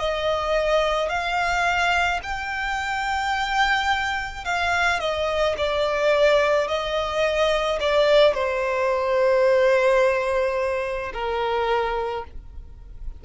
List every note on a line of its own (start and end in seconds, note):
0.00 1.09 D#5
1.09 2.20 F5
2.23 4.45 G5
4.45 5.00 F5
5.00 5.56 D#5
5.58 6.68 D5
6.68 7.79 D#5
7.80 8.34 D5
8.34 11.12 C5
11.14 12.25 A#4